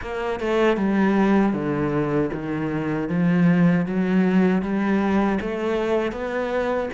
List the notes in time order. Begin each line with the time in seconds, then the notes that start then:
0.01 A#3
0.40 A3
0.76 G3
1.53 D3
2.33 D#3
3.08 F3
3.86 F#3
4.62 G3
5.41 A3
6.12 B3